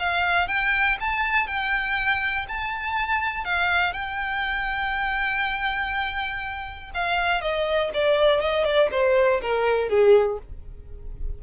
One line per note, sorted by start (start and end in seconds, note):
0.00 0.48 F5
0.48 0.98 G5
1.01 1.48 A5
1.48 2.47 G5
2.49 3.45 A5
3.45 3.94 F5
3.94 6.91 G5
6.95 7.42 F5
7.42 7.91 D#5
7.94 8.41 D5
8.41 8.65 D#5
8.65 8.89 D5
8.92 9.41 C5
9.42 9.89 A#4
9.89 10.39 G#4